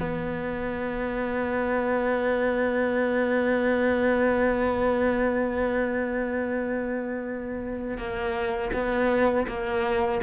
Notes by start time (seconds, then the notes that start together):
0.00 B3
7.98 A#3
8.73 B3
9.48 A#3